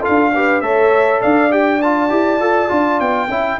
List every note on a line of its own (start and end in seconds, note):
0.00 0.31 F4
0.00 0.30 A4
0.00 0.61 F5
0.08 0.61 D4
0.34 0.62 G4
0.34 0.63 B4
0.61 1.21 A3
0.61 1.50 A4
0.61 1.21 C#5
0.61 1.20 E5
1.21 2.10 D4
1.21 3.29 D5
1.21 1.51 F5
1.50 1.80 G4
1.50 1.81 G5
1.82 2.09 F4
1.82 3.00 A5
2.09 2.40 E4
2.09 2.39 G4
2.40 2.69 F4
2.40 2.69 A4
2.69 3.00 D4
2.69 3.28 F4
3.00 3.28 B3
3.00 3.59 G5
3.28 3.57 C#4
3.28 3.60 E4
3.28 3.59 E5